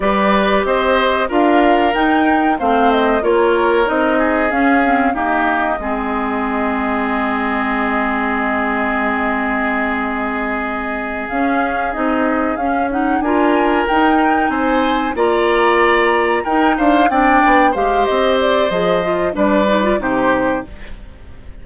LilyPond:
<<
  \new Staff \with { instrumentName = "flute" } { \time 4/4 \tempo 4 = 93 d''4 dis''4 f''4 g''4 | f''8 dis''8 cis''4 dis''4 f''4 | dis''1~ | dis''1~ |
dis''4. f''4 dis''4 f''8 | fis''8 gis''4 g''4 gis''4 ais''8~ | ais''4. g''8 f''8 g''4 f''8 | dis''8 d''8 dis''4 d''4 c''4 | }
  \new Staff \with { instrumentName = "oboe" } { \time 4/4 b'4 c''4 ais'2 | c''4 ais'4. gis'4. | g'4 gis'2.~ | gis'1~ |
gis'1~ | gis'8 ais'2 c''4 d''8~ | d''4. ais'8 c''8 d''4 c''8~ | c''2 b'4 g'4 | }
  \new Staff \with { instrumentName = "clarinet" } { \time 4/4 g'2 f'4 dis'4 | c'4 f'4 dis'4 cis'8 c'8 | ais4 c'2.~ | c'1~ |
c'4. cis'4 dis'4 cis'8 | dis'8 f'4 dis'2 f'8~ | f'4. dis'4 d'4 g'8~ | g'4 gis'8 f'8 d'8 dis'16 f'16 dis'4 | }
  \new Staff \with { instrumentName = "bassoon" } { \time 4/4 g4 c'4 d'4 dis'4 | a4 ais4 c'4 cis'4 | dis'4 gis2.~ | gis1~ |
gis4. cis'4 c'4 cis'8~ | cis'8 d'4 dis'4 c'4 ais8~ | ais4. dis'8 d'8 c'8 b8 gis8 | c'4 f4 g4 c4 | }
>>